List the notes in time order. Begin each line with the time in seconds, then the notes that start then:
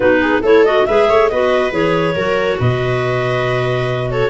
0.00 B3 D#4 F#4 B4
0.20 G#4
0.41 A3 E4 A4 C#5
0.64 F#4 D#5
0.86 G#3 G#4 B4 E5
1.09 A3 C#5
1.28 B3 F#4 B4 D#5
1.70 E3 G#4 C#5
2.15 F#3 F#4 A#4
2.59 B2 B4 D#5
4.10 A4 C#5